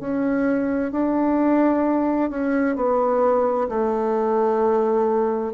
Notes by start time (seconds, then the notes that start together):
0.00 C#4
0.92 D4
2.30 C#4
2.76 B3
3.69 A3